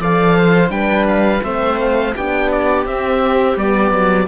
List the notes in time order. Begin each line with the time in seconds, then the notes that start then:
0.00 F3 A4 D5 F5
0.38 C5
0.69 G3 D4 B4 G5
1.08 F5
1.44 A3 C4 C5 E5
1.80 F5
2.17 B3 D4 G4 G5
2.52 D5
2.86 C4 E5
3.57 G3 B3 D5
3.92 F#3